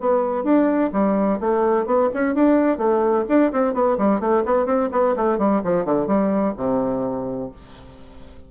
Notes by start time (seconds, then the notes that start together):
0.00 B3
0.44 D4
0.92 G3
1.40 A3
1.86 B3
2.14 C#4
2.34 D4
2.78 A3
3.28 D4
3.52 C4
3.74 B3
3.98 G3
4.20 A3
4.45 B3
4.66 C4
4.92 B3
5.16 A3
5.38 G3
5.64 F3
5.85 D3
6.07 G3
6.57 C3